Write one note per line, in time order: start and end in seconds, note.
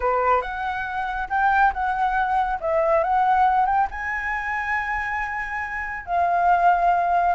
0.00 0.41 B4
0.41 1.27 F#5
1.29 1.72 G5
1.73 2.59 F#5
2.60 3.03 E5
3.03 3.66 F#5
3.66 3.87 G5
3.90 6.06 G#5
6.06 7.35 F5